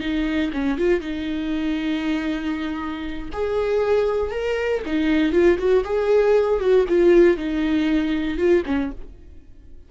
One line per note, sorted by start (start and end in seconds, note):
0.00 0.51 D#4
0.53 0.78 C#4
0.78 1.01 F4
1.01 3.30 D#4
3.33 4.31 G#4
4.31 4.82 A#4
4.86 5.32 D#4
5.32 5.58 F4
5.58 5.84 F#4
5.84 6.60 G#4
6.60 6.86 F#4
6.89 7.37 F4
7.37 8.38 D#4
8.38 8.63 F4
8.66 8.91 C#4